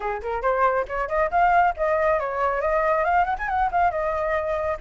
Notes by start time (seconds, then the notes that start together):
0.00 G#4
0.22 A#4
0.42 C5
0.88 C#5
1.08 D#5
1.30 F5
1.76 D#5
2.19 C#5
2.61 D#5
3.04 F5
3.25 F#5
3.38 G#5
3.48 F#5
3.71 F5
3.90 D#5